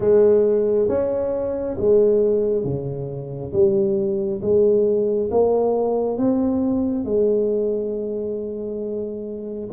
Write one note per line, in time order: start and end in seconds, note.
0.00 0.88 G#3
0.88 1.76 C#4
1.77 2.64 G#3
2.64 3.52 C#3
3.53 4.41 G3
4.41 5.29 G#3
5.30 6.17 A#3
6.17 7.04 C4
7.04 9.69 G#3